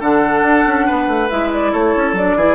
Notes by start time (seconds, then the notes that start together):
0.00 D3 D4 A4 F#5
0.42 D4
0.66 C#4
0.86 B3 B4
1.07 A3
1.30 G#3 E4 E5
1.53 D5
1.72 A3 A4 C#5
1.96 C#4
2.13 F#3 D4 D5
2.36 E3 E4 G#4